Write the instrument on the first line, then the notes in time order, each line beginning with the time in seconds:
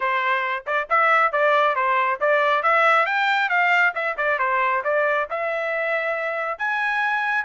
trumpet
0.00 C5
0.66 D5
0.89 E5
1.31 D5
1.75 C5
2.20 D5
2.62 E5
3.06 G5
3.49 F5
3.94 E5
4.17 D5
4.39 C5
4.84 D5
5.30 E5
6.58 G#5